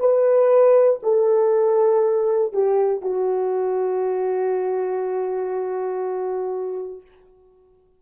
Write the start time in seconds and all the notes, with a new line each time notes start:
0.00 B4
1.03 A4
2.53 G4
3.02 F#4